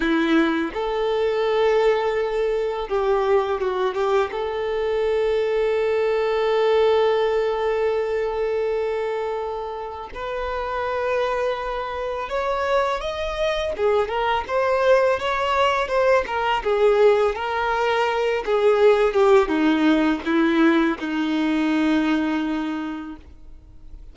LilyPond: \new Staff \with { instrumentName = "violin" } { \time 4/4 \tempo 4 = 83 e'4 a'2. | g'4 fis'8 g'8 a'2~ | a'1~ | a'2 b'2~ |
b'4 cis''4 dis''4 gis'8 ais'8 | c''4 cis''4 c''8 ais'8 gis'4 | ais'4. gis'4 g'8 dis'4 | e'4 dis'2. | }